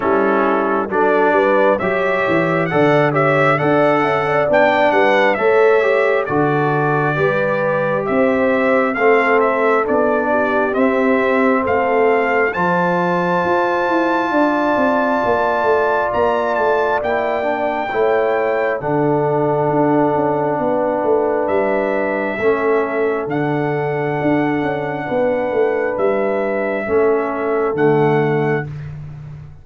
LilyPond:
<<
  \new Staff \with { instrumentName = "trumpet" } { \time 4/4 \tempo 4 = 67 a'4 d''4 e''4 fis''8 e''8 | fis''4 g''8 fis''8 e''4 d''4~ | d''4 e''4 f''8 e''8 d''4 | e''4 f''4 a''2~ |
a''2 ais''8 a''8 g''4~ | g''4 fis''2. | e''2 fis''2~ | fis''4 e''2 fis''4 | }
  \new Staff \with { instrumentName = "horn" } { \time 4/4 e'4 a'8 b'8 cis''4 d''8 cis''8 | d''8 e''16 d''8. b'8 cis''4 a'4 | b'4 c''4 a'4. g'8~ | g'4 a'4 c''2 |
d''1 | cis''4 a'2 b'4~ | b'4 a'2. | b'2 a'2 | }
  \new Staff \with { instrumentName = "trombone" } { \time 4/4 cis'4 d'4 g'4 a'8 g'8 | a'4 d'4 a'8 g'8 fis'4 | g'2 c'4 d'4 | c'2 f'2~ |
f'2. e'8 d'8 | e'4 d'2.~ | d'4 cis'4 d'2~ | d'2 cis'4 a4 | }
  \new Staff \with { instrumentName = "tuba" } { \time 4/4 g4 fis8 g8 fis8 e8 d4 | d'8 cis'8 b8 g8 a4 d4 | g4 c'4 a4 b4 | c'4 a4 f4 f'8 e'8 |
d'8 c'8 ais8 a8 ais8 a8 ais4 | a4 d4 d'8 cis'8 b8 a8 | g4 a4 d4 d'8 cis'8 | b8 a8 g4 a4 d4 | }
>>